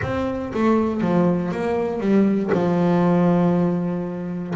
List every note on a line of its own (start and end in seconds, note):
0.01 0.52 C4
0.53 1.01 A3
1.01 1.51 F3
1.51 1.99 A#3
1.99 2.50 G3
2.52 4.54 F3